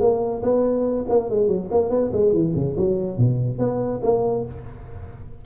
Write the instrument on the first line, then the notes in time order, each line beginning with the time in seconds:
tuba
0.00 A#3
0.42 B3
1.09 A#3
1.30 G#3
1.48 F#3
1.71 A#3
1.89 B3
2.12 G#3
2.33 E3
2.55 C#3
2.77 F#3
3.17 B2
3.58 B3
4.03 A#3